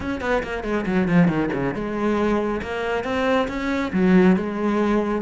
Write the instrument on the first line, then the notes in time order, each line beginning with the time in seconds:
cello
0.00 C#4
0.21 B3
0.43 A#3
0.63 G#3
0.86 F#3
1.08 F3
1.27 D#3
1.53 C#3
1.74 G#3
2.61 A#3
3.04 C4
3.48 C#4
3.92 F#3
4.36 G#3